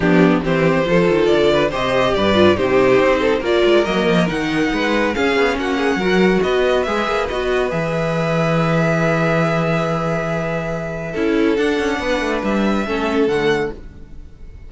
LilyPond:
<<
  \new Staff \with { instrumentName = "violin" } { \time 4/4 \tempo 4 = 140 g'4 c''2 d''4 | dis''4 d''4 c''2 | d''4 dis''4 fis''2 | f''4 fis''2 dis''4 |
e''4 dis''4 e''2~ | e''1~ | e''2. fis''4~ | fis''4 e''2 fis''4 | }
  \new Staff \with { instrumentName = "violin" } { \time 4/4 d'4 g'4 a'4. b'8 | c''4 b'4 g'4. a'8 | ais'2. b'4 | gis'4 fis'8 gis'8 ais'4 b'4~ |
b'1~ | b'1~ | b'2 a'2 | b'2 a'2 | }
  \new Staff \with { instrumentName = "viola" } { \time 4/4 b4 c'4 f'2 | g'4. f'8 dis'2 | f'4 ais4 dis'2 | cis'2 fis'2 |
gis'4 fis'4 gis'2~ | gis'1~ | gis'2 e'4 d'4~ | d'2 cis'4 a4 | }
  \new Staff \with { instrumentName = "cello" } { \time 4/4 f4 e4 f8 dis8 d4 | c4 g,4 c4 c'4 | ais8 gis8 fis8 f8 dis4 gis4 | cis'8 b8 ais4 fis4 b4 |
gis8 ais8 b4 e2~ | e1~ | e2 cis'4 d'8 cis'8 | b8 a8 g4 a4 d4 | }
>>